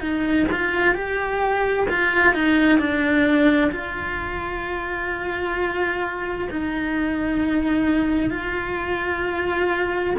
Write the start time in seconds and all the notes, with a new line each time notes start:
0.00 D#4
0.51 F4
0.94 G4
1.89 F4
2.33 D#4
2.78 D4
3.71 F4
6.50 D#4
8.30 F4